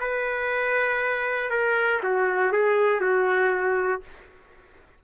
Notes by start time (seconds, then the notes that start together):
0.00 B4
1.50 A#4
2.03 F#4
2.52 G#4
3.00 F#4